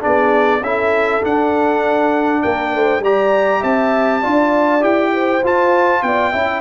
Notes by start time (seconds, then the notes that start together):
0.00 B3 D4 G#4 D5
0.61 C#4 E4 A4 E5
1.21 D4 F#5
2.42 A#3 A#4 G5
2.73 A3 C5
3.00 G3 G4 D5 A#5
3.61 C4 E5 A5
4.21 D4 F4 D5
4.80 E4 G4 G5
5.13 C5
5.43 F4 A5
6.02 B3 D5 G5
6.31 C#4 E4 E5